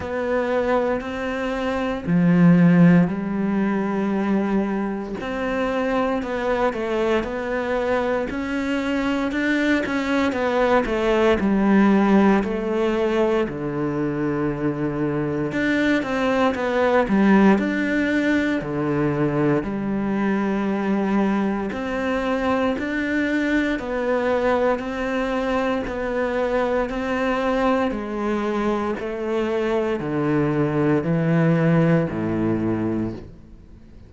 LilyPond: \new Staff \with { instrumentName = "cello" } { \time 4/4 \tempo 4 = 58 b4 c'4 f4 g4~ | g4 c'4 b8 a8 b4 | cis'4 d'8 cis'8 b8 a8 g4 | a4 d2 d'8 c'8 |
b8 g8 d'4 d4 g4~ | g4 c'4 d'4 b4 | c'4 b4 c'4 gis4 | a4 d4 e4 a,4 | }